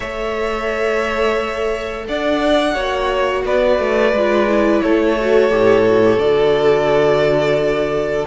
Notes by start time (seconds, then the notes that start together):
0.00 A3 A4 C#5 E5
2.07 D4 D5 F#5
2.73 A#3 F#4 C#5
3.45 B3 B4 D5
3.78 A3
4.12 G#3 F4
4.48 E4
4.81 A3 A4 C#5
5.20 F#4
5.49 A2 G4
5.85 F#4
6.04 G4
6.18 D3 F#4 D5